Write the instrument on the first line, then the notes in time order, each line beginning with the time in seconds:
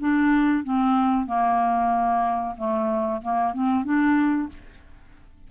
clarinet
0.00 D4
0.64 C4
1.27 A#3
2.57 A3
3.22 A#3
3.54 C4
3.84 D4